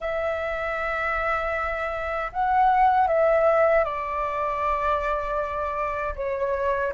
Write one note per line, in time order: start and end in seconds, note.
0.00 2.31 E5
2.32 3.07 F#5
3.07 3.84 E5
3.84 6.15 D5
6.15 6.92 C#5